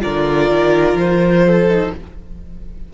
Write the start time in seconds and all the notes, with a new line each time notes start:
0.00 D3 F4 A#4 D5
0.51 D#3
0.95 F3 C5
1.46 A4
1.70 D#4